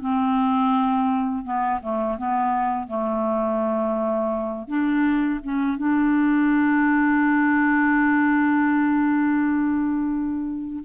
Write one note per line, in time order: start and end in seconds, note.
0.00 1.44 C4
1.44 1.80 B3
1.82 2.18 A3
2.18 2.88 B3
2.88 4.68 A3
4.68 5.40 D4
5.43 5.78 C#4
5.78 10.84 D4